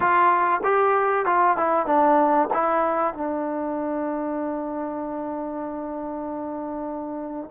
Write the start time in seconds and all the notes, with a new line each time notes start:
0.00 F4
0.63 G4
1.25 F4
1.57 E4
1.86 D4
2.53 E4
3.14 D4